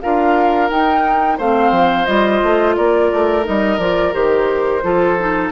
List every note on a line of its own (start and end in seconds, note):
0.00 0.70 D4
0.00 0.69 F4
0.00 1.37 A#4
0.00 0.69 F5
0.69 1.38 D#4
0.69 1.38 G5
1.37 1.71 A3
1.37 2.07 C4
1.37 2.75 C5
1.37 2.05 F5
1.71 2.05 F3
2.05 2.42 G3
2.05 3.43 F4
2.05 2.74 D#5
2.42 2.77 A3
2.75 3.11 A#3
2.75 4.83 A#4
2.75 3.44 D5
3.11 3.46 A3
3.43 3.78 G3
3.43 3.77 D#4
3.43 3.78 D#5
3.78 4.12 F3
3.78 4.12 F4
3.78 4.12 D5
4.12 4.83 D#3
4.12 4.81 G4
4.12 5.51 C5
4.82 5.51 F3
4.82 5.17 F4
4.82 5.51 A4
5.18 5.51 D#4